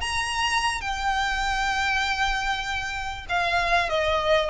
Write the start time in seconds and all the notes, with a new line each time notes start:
0.00 A#5
0.81 G5
3.29 F5
3.89 D#5